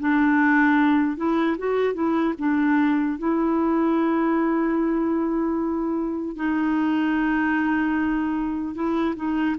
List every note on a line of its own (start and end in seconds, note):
0.00 1.17 D4
1.17 1.57 E4
1.58 1.94 F#4
1.94 2.34 E4
2.39 3.19 D4
3.19 6.36 E4
6.36 8.75 D#4
8.75 9.15 E4
9.16 9.56 D#4